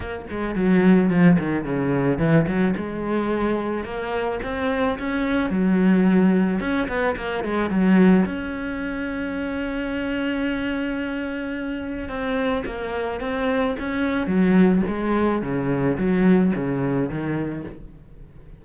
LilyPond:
\new Staff \with { instrumentName = "cello" } { \time 4/4 \tempo 4 = 109 ais8 gis8 fis4 f8 dis8 cis4 | e8 fis8 gis2 ais4 | c'4 cis'4 fis2 | cis'8 b8 ais8 gis8 fis4 cis'4~ |
cis'1~ | cis'2 c'4 ais4 | c'4 cis'4 fis4 gis4 | cis4 fis4 cis4 dis4 | }